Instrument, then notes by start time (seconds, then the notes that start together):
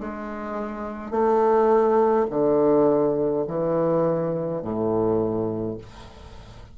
bassoon
0.00 G#3
1.11 A3
2.30 D3
3.48 E3
4.62 A2